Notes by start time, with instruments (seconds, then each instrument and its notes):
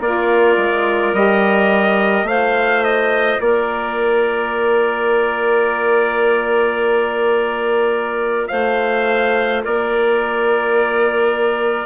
0.00 bassoon A#3, saxophone F4, clarinet A#4, trumpet D5
0.57 bassoon G#3
1.13 bassoon G3, saxophone G4, trumpet D#5
2.23 bassoon A3, saxophone F4, clarinet C5, trumpet F5
2.84 trumpet D#5
3.40 bassoon A#3, clarinet A#4, trumpet D5
8.48 bassoon A3, clarinet C5, trumpet F5
9.64 bassoon A#3, clarinet A#4, trumpet D5